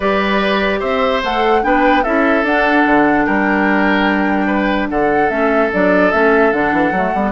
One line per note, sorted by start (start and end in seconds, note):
0.00 0.81 G3
0.00 1.23 G4
0.00 0.79 B4
0.00 0.80 D5
0.79 1.22 C4
0.79 1.61 C5
0.79 1.21 E5
1.23 1.64 A3
1.23 1.62 A4
1.23 1.63 F#5
1.62 2.05 B3
1.62 2.03 D4
1.62 2.03 B4
1.62 2.03 G5
2.03 2.43 C#4
2.03 2.44 E4
2.03 3.25 A4
2.03 2.44 E5
2.43 2.84 D4
2.43 5.29 D4
2.43 3.25 F#5
2.85 3.26 D3
3.25 4.90 G3
3.25 4.46 A#4
3.25 4.88 G5
4.46 4.87 B4
4.89 5.29 D3
4.89 7.32 A4
4.89 5.29 F#5
5.29 5.70 A3
5.29 5.69 C#4
5.29 5.70 E5
5.72 6.12 F#3
5.72 6.12 D4
5.72 6.11 D5
6.11 6.52 A3
6.11 6.52 C#4
6.11 6.52 E5
6.52 6.72 D3
6.52 6.93 D4
6.52 7.32 F#5
6.72 6.91 E3
6.91 7.12 F#3
6.91 7.15 A3
7.13 7.32 G3
7.13 7.32 B3